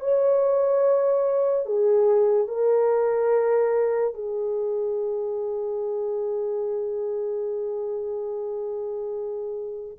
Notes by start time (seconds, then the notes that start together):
0.00 C#5
1.66 G#4
2.48 A#4
4.14 G#4